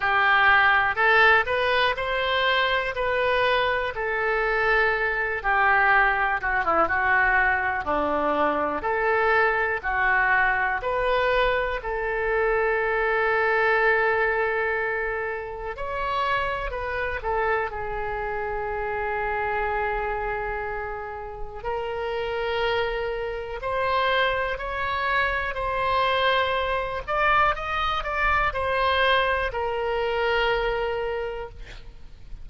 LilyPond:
\new Staff \with { instrumentName = "oboe" } { \time 4/4 \tempo 4 = 61 g'4 a'8 b'8 c''4 b'4 | a'4. g'4 fis'16 e'16 fis'4 | d'4 a'4 fis'4 b'4 | a'1 |
cis''4 b'8 a'8 gis'2~ | gis'2 ais'2 | c''4 cis''4 c''4. d''8 | dis''8 d''8 c''4 ais'2 | }